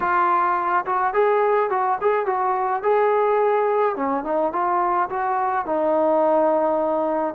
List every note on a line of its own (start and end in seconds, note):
0.00 0.85 F4
0.85 1.13 F#4
1.13 1.70 G#4
1.70 1.98 F#4
2.01 2.26 G#4
2.26 2.82 F#4
2.83 3.96 G#4
3.96 4.24 C#4
4.24 4.52 D#4
4.52 5.09 F4
5.09 5.65 F#4
5.65 7.34 D#4